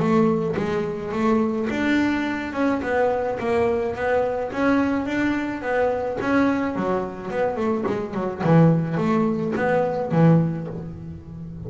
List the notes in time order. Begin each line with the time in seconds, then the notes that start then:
0.00 A3
0.57 G#3
1.12 A3
1.71 D4
2.54 C#4
2.83 B3
3.40 A#3
3.96 B3
4.53 C#4
5.06 D4
5.62 B3
6.21 C#4
6.76 F#3
7.31 B3
7.57 A3
7.87 G#3
8.15 F#3
8.44 E3
8.98 A3
9.56 B3
10.12 E3